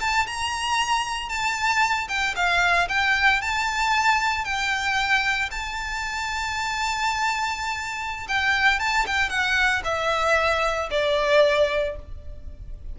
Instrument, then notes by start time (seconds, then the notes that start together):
violin
0.00 A5
0.26 A#5
1.29 A5
2.08 G5
2.36 F5
2.89 G5
3.41 A5
4.44 G5
5.51 A5
8.28 G5
8.79 A5
9.06 G5
9.29 F#5
9.84 E5
10.90 D5